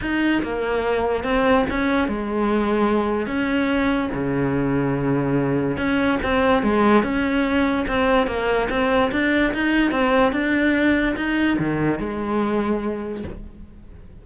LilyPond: \new Staff \with { instrumentName = "cello" } { \time 4/4 \tempo 4 = 145 dis'4 ais2 c'4 | cis'4 gis2. | cis'2 cis2~ | cis2 cis'4 c'4 |
gis4 cis'2 c'4 | ais4 c'4 d'4 dis'4 | c'4 d'2 dis'4 | dis4 gis2. | }